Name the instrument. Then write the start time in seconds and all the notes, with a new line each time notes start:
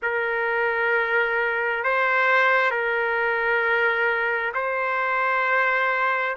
trumpet
0.02 A#4
1.83 C5
2.70 A#4
4.54 C5